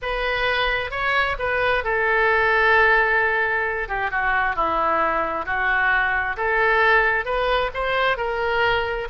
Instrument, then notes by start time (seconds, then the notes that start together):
oboe
0.02 B4
0.90 C#5
1.38 B4
1.84 A4
3.88 G4
4.10 F#4
4.55 E4
5.45 F#4
6.37 A4
7.25 B4
7.74 C5
8.17 A#4